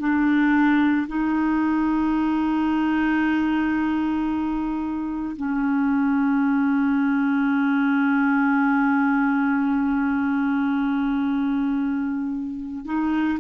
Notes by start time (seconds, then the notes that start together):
0.00 D4
1.08 D#4
5.37 C#4
12.86 D#4